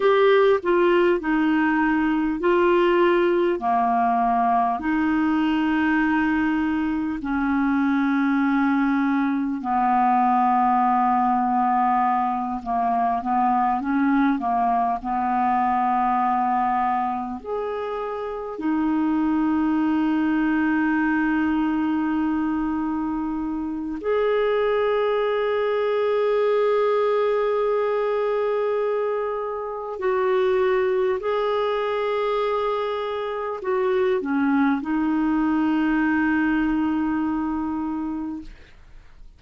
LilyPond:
\new Staff \with { instrumentName = "clarinet" } { \time 4/4 \tempo 4 = 50 g'8 f'8 dis'4 f'4 ais4 | dis'2 cis'2 | b2~ b8 ais8 b8 cis'8 | ais8 b2 gis'4 dis'8~ |
dis'1 | gis'1~ | gis'4 fis'4 gis'2 | fis'8 cis'8 dis'2. | }